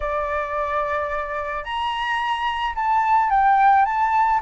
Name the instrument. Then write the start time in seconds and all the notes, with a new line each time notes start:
flute
0.00 D5
1.64 A#5
2.75 A5
3.30 G5
3.85 A5